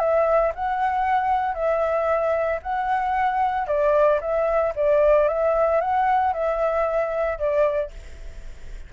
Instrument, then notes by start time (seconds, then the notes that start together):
flute
0.00 E5
0.55 F#5
1.55 E5
2.63 F#5
3.68 D5
4.21 E5
4.76 D5
5.28 E5
5.81 F#5
6.34 E5
7.39 D5